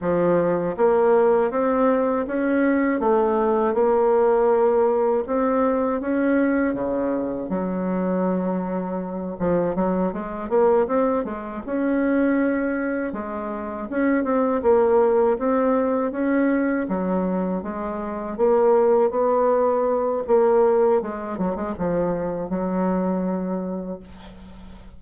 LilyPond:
\new Staff \with { instrumentName = "bassoon" } { \time 4/4 \tempo 4 = 80 f4 ais4 c'4 cis'4 | a4 ais2 c'4 | cis'4 cis4 fis2~ | fis8 f8 fis8 gis8 ais8 c'8 gis8 cis'8~ |
cis'4. gis4 cis'8 c'8 ais8~ | ais8 c'4 cis'4 fis4 gis8~ | gis8 ais4 b4. ais4 | gis8 fis16 gis16 f4 fis2 | }